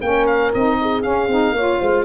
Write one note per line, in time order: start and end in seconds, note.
0.00 0.53 A#3
0.00 0.54 C#4
0.00 0.77 A#4
0.00 0.26 G5
0.26 0.52 F5
0.54 1.04 C4
0.54 1.02 D#4
0.54 1.02 D#5
0.81 1.56 G#4
1.02 1.28 C#4
1.02 2.05 F5
1.28 1.52 C4
1.28 1.56 D#4
1.52 1.78 A#3
1.52 2.05 F4
1.52 1.79 C#5
1.79 2.05 G#3
1.79 2.05 C5